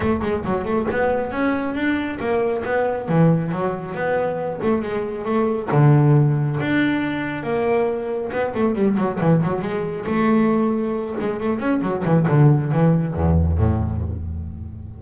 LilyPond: \new Staff \with { instrumentName = "double bass" } { \time 4/4 \tempo 4 = 137 a8 gis8 fis8 a8 b4 cis'4 | d'4 ais4 b4 e4 | fis4 b4. a8 gis4 | a4 d2 d'4~ |
d'4 ais2 b8 a8 | g8 fis8 e8 fis8 gis4 a4~ | a4. gis8 a8 cis'8 fis8 e8 | d4 e4 e,4 a,4 | }